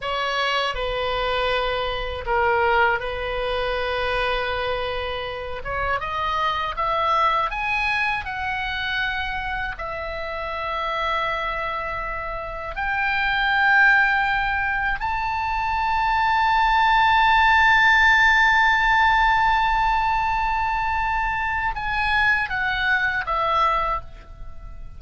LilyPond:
\new Staff \with { instrumentName = "oboe" } { \time 4/4 \tempo 4 = 80 cis''4 b'2 ais'4 | b'2.~ b'8 cis''8 | dis''4 e''4 gis''4 fis''4~ | fis''4 e''2.~ |
e''4 g''2. | a''1~ | a''1~ | a''4 gis''4 fis''4 e''4 | }